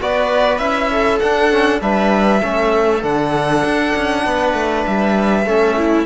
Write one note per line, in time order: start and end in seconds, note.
0.00 0.59 B3
0.00 0.60 F#4
0.00 0.91 B4
0.00 0.58 D5
0.58 1.19 C#4
0.58 1.21 E4
0.58 1.18 E5
0.91 1.81 A4
1.19 1.51 D4
1.19 1.81 D4
1.19 1.80 F#5
1.51 1.80 C#4
1.80 2.41 G3
1.80 2.41 D4
1.80 2.40 B4
1.80 3.03 E5
2.40 3.03 A3
2.40 3.01 C#4
2.40 4.22 A4
3.02 3.63 D3
3.02 5.44 D4
3.02 4.85 F#5
3.64 3.95 D4
3.96 4.26 C#4
4.26 4.53 B3
4.26 5.46 B4
4.53 4.84 A3
4.86 5.45 G3
4.86 6.05 E5
5.45 6.05 A3
5.45 6.05 C#4
5.45 5.77 A4
5.77 6.05 E4